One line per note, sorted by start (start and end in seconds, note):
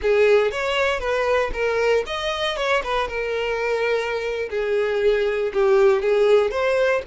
0.02 0.51 G#4
0.51 0.99 C#5
0.99 1.50 B4
1.53 2.04 A#4
2.06 2.56 D#5
2.56 2.82 C#5
2.83 3.08 B4
3.08 4.49 A#4
4.50 5.52 G#4
5.53 6.02 G4
6.02 6.50 G#4
6.50 7.02 C5